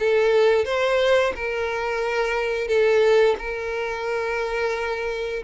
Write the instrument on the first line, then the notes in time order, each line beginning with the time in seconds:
violin
0.00 A4
0.65 C5
1.36 A#4
2.68 A4
3.39 A#4